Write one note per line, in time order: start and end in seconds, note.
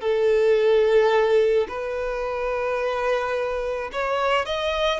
0.00 1.67 A4
1.68 3.90 B4
3.92 4.45 C#5
4.45 4.99 D#5